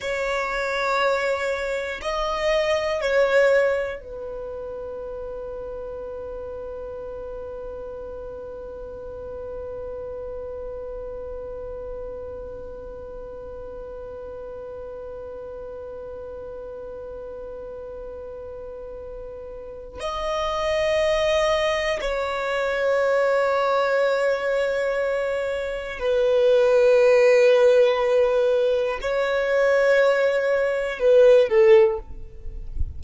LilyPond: \new Staff \with { instrumentName = "violin" } { \time 4/4 \tempo 4 = 60 cis''2 dis''4 cis''4 | b'1~ | b'1~ | b'1~ |
b'1 | dis''2 cis''2~ | cis''2 b'2~ | b'4 cis''2 b'8 a'8 | }